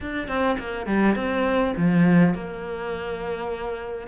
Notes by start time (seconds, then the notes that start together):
0.00 D4
0.28 C4
0.58 A#3
0.86 G3
1.15 C4
1.76 F3
2.34 A#3